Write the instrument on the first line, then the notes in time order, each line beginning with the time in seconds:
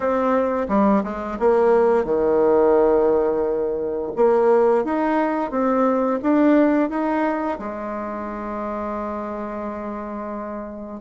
bassoon
0.00 C4
0.68 G3
1.03 G#3
1.39 A#3
2.04 D#3
4.16 A#3
4.84 D#4
5.50 C4
6.22 D4
6.89 D#4
7.59 G#3